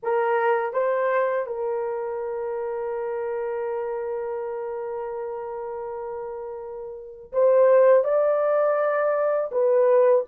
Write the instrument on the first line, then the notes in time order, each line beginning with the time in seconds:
horn
0.02 A#4
0.73 C5
1.46 A#4
7.32 C5
8.04 D5
9.51 B4